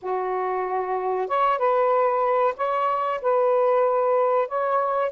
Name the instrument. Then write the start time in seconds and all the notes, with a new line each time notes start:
saxophone
0.01 F#4
1.27 C#5
1.58 B4
2.56 C#5
3.21 B4
4.48 C#5